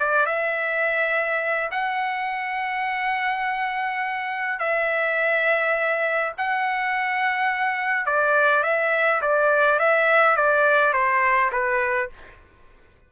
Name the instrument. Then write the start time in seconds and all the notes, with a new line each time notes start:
trumpet
0.00 D5
0.26 E5
1.72 F#5
4.60 E5
6.38 F#5
8.06 D5
8.64 E5
9.22 D5
9.80 E5
10.37 D5
10.94 C5
11.53 B4